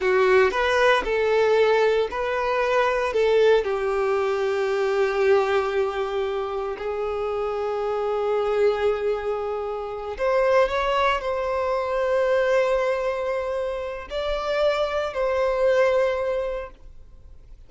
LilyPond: \new Staff \with { instrumentName = "violin" } { \time 4/4 \tempo 4 = 115 fis'4 b'4 a'2 | b'2 a'4 g'4~ | g'1~ | g'4 gis'2.~ |
gis'2.~ gis'8 c''8~ | c''8 cis''4 c''2~ c''8~ | c''2. d''4~ | d''4 c''2. | }